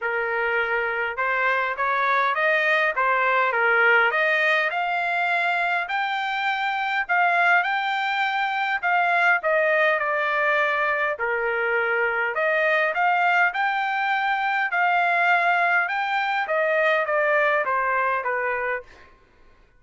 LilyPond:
\new Staff \with { instrumentName = "trumpet" } { \time 4/4 \tempo 4 = 102 ais'2 c''4 cis''4 | dis''4 c''4 ais'4 dis''4 | f''2 g''2 | f''4 g''2 f''4 |
dis''4 d''2 ais'4~ | ais'4 dis''4 f''4 g''4~ | g''4 f''2 g''4 | dis''4 d''4 c''4 b'4 | }